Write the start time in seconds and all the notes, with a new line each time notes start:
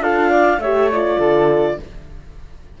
0.00 D4 F4 A4 F5
0.30 D5
0.57 A3 G4 C#5 E5
0.91 F4 D5
1.19 D3 A4